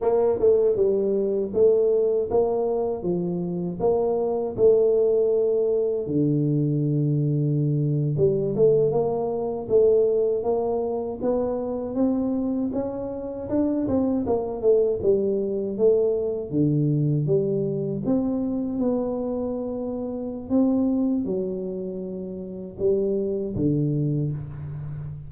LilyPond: \new Staff \with { instrumentName = "tuba" } { \time 4/4 \tempo 4 = 79 ais8 a8 g4 a4 ais4 | f4 ais4 a2 | d2~ d8. g8 a8 ais16~ | ais8. a4 ais4 b4 c'16~ |
c'8. cis'4 d'8 c'8 ais8 a8 g16~ | g8. a4 d4 g4 c'16~ | c'8. b2~ b16 c'4 | fis2 g4 d4 | }